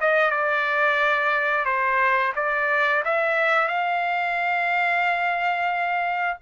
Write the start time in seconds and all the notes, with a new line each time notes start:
0.00 D#5
0.30 D5
1.65 C5
2.35 D5
3.04 E5
3.68 F5